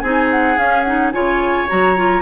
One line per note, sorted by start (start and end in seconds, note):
0.00 0.57 C4
0.00 0.58 D#4
0.00 1.13 G#4
0.00 0.28 G#5
0.31 0.58 F#5
0.57 1.13 C#4
0.57 0.86 C#4
0.57 0.83 F5
0.83 1.13 D#4
0.83 1.11 F#5
1.12 1.69 C#3
1.12 1.68 F4
1.12 2.22 C#5
1.12 1.68 G#5
1.69 2.22 F#3
1.69 1.97 F#4
1.69 2.22 A#5
1.97 2.22 F4